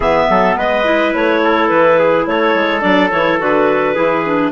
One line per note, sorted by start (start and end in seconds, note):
0.00 0.27 E3
0.00 0.83 B3
0.00 0.26 G#4
0.00 0.57 E5
0.29 0.56 F#3
0.29 0.57 A4
0.56 1.13 G#3
0.56 1.42 B4
0.56 1.14 D#5
0.83 2.80 E4
1.14 1.70 A3
1.14 1.68 C#5
1.44 1.98 A4
1.68 2.26 E3
1.68 2.24 B4
1.98 2.27 G#4
2.26 2.54 A3
2.26 3.94 A4
2.26 2.81 C#5
2.54 2.83 G#3
2.80 3.11 F#3
2.80 3.09 D4
2.80 3.09 D5
3.10 3.40 E3
3.10 3.39 E4
3.10 3.38 C#5
3.39 3.96 D3
3.39 3.95 F#4
3.39 4.51 B4
3.94 4.51 E3
3.94 4.23 E4
3.94 4.51 G#4
4.25 4.51 D4